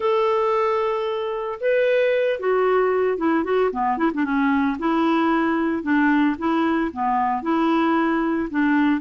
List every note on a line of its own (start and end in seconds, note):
0.00 1.59 A4
1.60 2.39 B4
2.39 3.17 F#4
3.17 3.44 E4
3.44 3.70 F#4
3.71 3.97 B3
3.97 4.11 E4
4.13 4.24 D4
4.24 4.77 C#4
4.79 5.82 E4
5.82 6.35 D4
6.38 6.91 E4
6.93 7.42 B3
7.42 8.48 E4
8.50 9.00 D4